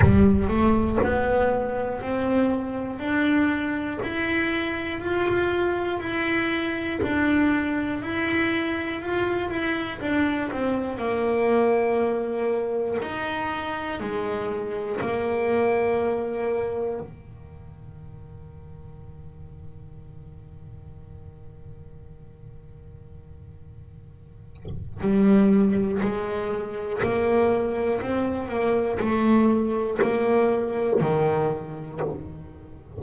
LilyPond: \new Staff \with { instrumentName = "double bass" } { \time 4/4 \tempo 4 = 60 g8 a8 b4 c'4 d'4 | e'4 f'4 e'4 d'4 | e'4 f'8 e'8 d'8 c'8 ais4~ | ais4 dis'4 gis4 ais4~ |
ais4 dis2.~ | dis1~ | dis4 g4 gis4 ais4 | c'8 ais8 a4 ais4 dis4 | }